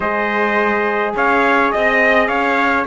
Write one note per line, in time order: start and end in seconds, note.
0.00 1.14 G#3
0.00 2.86 G#4
0.00 1.14 C5
0.00 1.14 D#5
1.15 1.73 C#4
1.15 1.72 C#5
1.15 1.71 F5
1.71 2.28 C4
1.71 2.27 D#5
1.71 2.28 D#5
2.27 2.85 C#4
2.27 2.85 C#5
2.27 2.84 F5